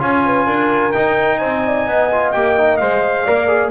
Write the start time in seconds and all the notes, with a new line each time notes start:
0.00 C#4 F4 C#5 G#5
0.26 B4
0.47 D4 A#4
0.93 D#4 G5
1.38 C4 C5 G#5
1.66 D5
1.88 B3 D#5
2.12 F4
2.32 A#3 G4 G5
2.58 D#4
2.78 G#3 C5 F5
3.25 A#3 A#4 D5
3.48 G#4